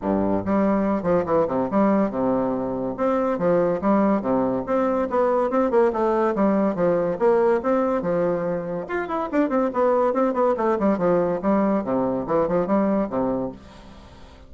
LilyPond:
\new Staff \with { instrumentName = "bassoon" } { \time 4/4 \tempo 4 = 142 g,4 g4. f8 e8 c8 | g4 c2 c'4 | f4 g4 c4 c'4 | b4 c'8 ais8 a4 g4 |
f4 ais4 c'4 f4~ | f4 f'8 e'8 d'8 c'8 b4 | c'8 b8 a8 g8 f4 g4 | c4 e8 f8 g4 c4 | }